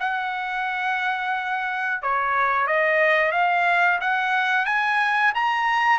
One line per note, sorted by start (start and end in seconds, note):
0.00 2.02 F#5
2.03 2.67 C#5
2.67 3.32 D#5
3.32 4.00 F5
4.01 4.65 F#5
4.65 5.33 G#5
5.35 5.99 A#5